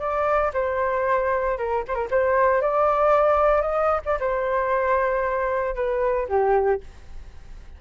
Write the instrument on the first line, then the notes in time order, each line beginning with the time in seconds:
flute
0.00 D5
0.54 C5
1.58 A#4
1.88 C5
1.95 A#4
2.11 C5
2.62 D5
3.62 D#5
4.06 D5
4.20 C5
5.76 B4
6.29 G4